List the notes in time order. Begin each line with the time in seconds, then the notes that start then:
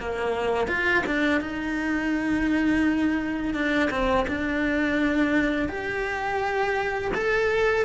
0.00 A#3
0.68 F4
1.07 D4
1.41 D#4
3.54 D4
3.91 C4
4.28 D4
5.69 G4
7.15 A4